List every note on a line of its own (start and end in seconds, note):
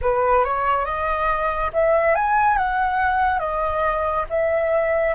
0.01 0.44 B4
0.44 0.85 C#5
0.85 1.71 D#5
1.73 2.15 E5
2.15 2.57 G#5
2.57 3.39 F#5
3.39 4.25 D#5
4.29 5.14 E5